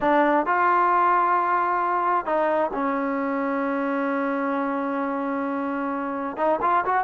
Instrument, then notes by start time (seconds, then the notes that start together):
trombone
0.00 D4
0.46 F4
2.25 D#4
2.73 C#4
6.36 D#4
6.61 F4
6.85 F#4